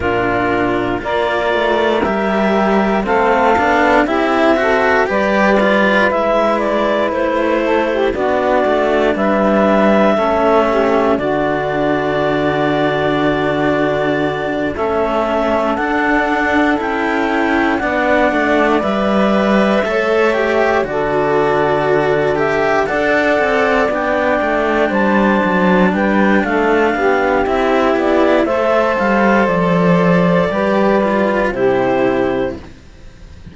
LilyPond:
<<
  \new Staff \with { instrumentName = "clarinet" } { \time 4/4 \tempo 4 = 59 ais'4 d''4 e''4 f''4 | e''4 d''4 e''8 d''8 c''4 | d''4 e''2 d''4~ | d''2~ d''8 e''4 fis''8~ |
fis''8 g''4 fis''4 e''4.~ | e''8 d''4. e''8 fis''4 g''8~ | g''8 a''4 g''8 f''4 e''8 d''8 | e''8 f''8 d''2 c''4 | }
  \new Staff \with { instrumentName = "saxophone" } { \time 4/4 f'4 ais'2 a'4 | g'8 a'8 b'2~ b'8 a'16 g'16 | fis'4 b'4 a'8 g'8 fis'4~ | fis'2~ fis'8 a'4.~ |
a'4. d''2 cis''8~ | cis''8 a'2 d''4.~ | d''8 c''4 b'8 a'8 g'4. | c''2 b'4 g'4 | }
  \new Staff \with { instrumentName = "cello" } { \time 4/4 d'4 f'4 g'4 c'8 d'8 | e'8 fis'8 g'8 f'8 e'2 | d'2 cis'4 d'4~ | d'2~ d'8 cis'4 d'8~ |
d'8 e'4 d'4 b'4 a'8 | g'8 fis'4. g'8 a'4 d'8~ | d'2. e'4 | a'2 g'8 f'8 e'4 | }
  \new Staff \with { instrumentName = "cello" } { \time 4/4 ais,4 ais8 a8 g4 a8 b8 | c'4 g4 gis4 a4 | b8 a8 g4 a4 d4~ | d2~ d8 a4 d'8~ |
d'8 cis'4 b8 a8 g4 a8~ | a8 d2 d'8 c'8 b8 | a8 g8 fis8 g8 a8 b8 c'8 b8 | a8 g8 f4 g4 c4 | }
>>